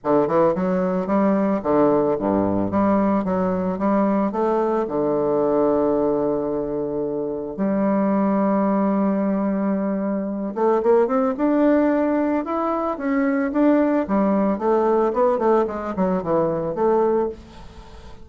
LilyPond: \new Staff \with { instrumentName = "bassoon" } { \time 4/4 \tempo 4 = 111 d8 e8 fis4 g4 d4 | g,4 g4 fis4 g4 | a4 d2.~ | d2 g2~ |
g2.~ g8 a8 | ais8 c'8 d'2 e'4 | cis'4 d'4 g4 a4 | b8 a8 gis8 fis8 e4 a4 | }